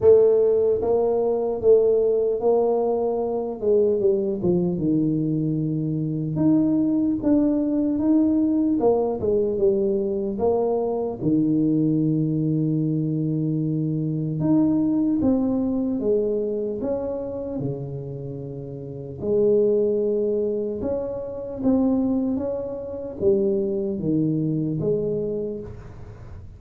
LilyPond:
\new Staff \with { instrumentName = "tuba" } { \time 4/4 \tempo 4 = 75 a4 ais4 a4 ais4~ | ais8 gis8 g8 f8 dis2 | dis'4 d'4 dis'4 ais8 gis8 | g4 ais4 dis2~ |
dis2 dis'4 c'4 | gis4 cis'4 cis2 | gis2 cis'4 c'4 | cis'4 g4 dis4 gis4 | }